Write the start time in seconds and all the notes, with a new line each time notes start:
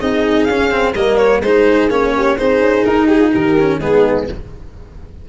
0.00 C4 D#4 G#4 D#5
0.45 C#4 F5
0.51 C#4
0.71 C4
0.94 G3 A#3 A#4 D#5
1.18 C#5
1.41 G#3 D#4 G#4 C5
1.90 A#3 C#4 C#5
2.16 G4
2.37 C4 D#4 G#4 C5
2.60 C#4
2.84 D#4 A#4
3.07 G4 G#4
3.20 F4
3.32 D#3 G4 A#4
3.60 C#4
3.79 G#3 B3 D#4 G#4